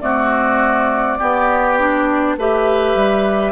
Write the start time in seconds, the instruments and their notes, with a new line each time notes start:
0.00 clarinet A3, bassoon C4, oboe F#4, flute D5
1.19 clarinet B3, bassoon B3, oboe G4
1.79 clarinet D4
2.37 bassoon A3, clarinet G4, oboe B4, flute E5
2.95 bassoon G3